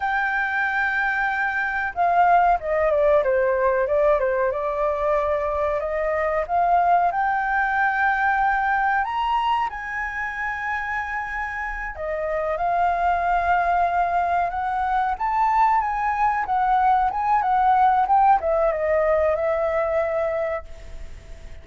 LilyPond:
\new Staff \with { instrumentName = "flute" } { \time 4/4 \tempo 4 = 93 g''2. f''4 | dis''8 d''8 c''4 d''8 c''8 d''4~ | d''4 dis''4 f''4 g''4~ | g''2 ais''4 gis''4~ |
gis''2~ gis''8 dis''4 f''8~ | f''2~ f''8 fis''4 a''8~ | a''8 gis''4 fis''4 gis''8 fis''4 | g''8 e''8 dis''4 e''2 | }